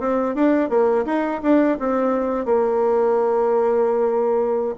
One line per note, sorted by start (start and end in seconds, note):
0.00 0.35 C4
0.35 0.70 D4
0.70 1.05 A#3
1.06 1.41 D#4
1.42 1.78 D4
1.79 2.45 C4
2.45 4.75 A#3